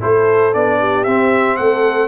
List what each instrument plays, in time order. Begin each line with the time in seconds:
0.00 tuba A3, trombone E4, horn A4, trumpet C5
0.53 tuba B3, trombone D4, trumpet D5
0.79 horn G4
1.04 tuba C4, trombone C4, trumpet E5
1.56 tuba A3, horn A4, trumpet F#5